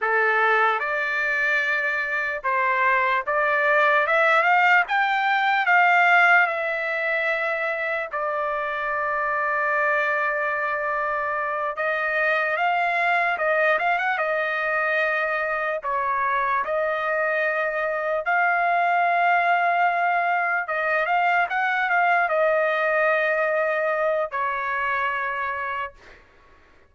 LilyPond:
\new Staff \with { instrumentName = "trumpet" } { \time 4/4 \tempo 4 = 74 a'4 d''2 c''4 | d''4 e''8 f''8 g''4 f''4 | e''2 d''2~ | d''2~ d''8 dis''4 f''8~ |
f''8 dis''8 f''16 fis''16 dis''2 cis''8~ | cis''8 dis''2 f''4.~ | f''4. dis''8 f''8 fis''8 f''8 dis''8~ | dis''2 cis''2 | }